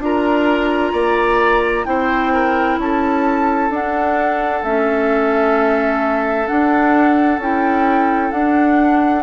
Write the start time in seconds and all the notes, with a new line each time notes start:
0.00 D4 F4 A#4 A#5
0.93 A#3 D5
1.86 C4 E4 C5 G5
2.34 A#4
2.78 C#4 A4 A5
3.71 D4 F#5
4.63 A3 C#4 E5
6.47 D4 F#5
7.39 C#4 E4 G5
8.32 D4 F#5